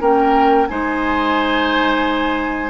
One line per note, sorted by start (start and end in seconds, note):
0.00 0.68 A#3
0.00 0.67 C#4
0.00 0.68 A#4
0.00 0.68 G5
0.68 2.70 G#3
0.68 2.70 D#4
0.68 2.70 C5
0.68 2.70 G#5